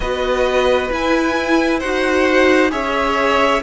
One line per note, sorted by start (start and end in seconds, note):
0.00 0.89 B3
0.00 0.90 F#4
0.00 1.79 B4
0.00 0.91 D#5
0.90 1.81 E4
0.90 1.82 E4
0.90 1.80 G#5
1.79 2.71 D#4
1.79 2.70 F#4
1.79 2.70 C5
1.79 2.71 F#5
2.70 3.62 C#4
2.70 3.61 G#4
2.70 3.62 C#5
2.70 3.62 E5